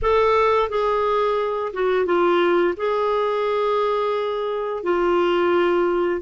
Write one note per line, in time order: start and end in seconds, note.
0.02 0.69 A4
0.69 1.72 G#4
1.73 2.05 F#4
2.05 2.74 F4
2.76 4.83 G#4
4.83 6.21 F4